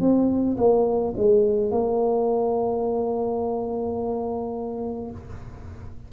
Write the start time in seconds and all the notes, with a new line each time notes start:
0.00 C4
0.57 A#3
1.17 G#3
1.71 A#3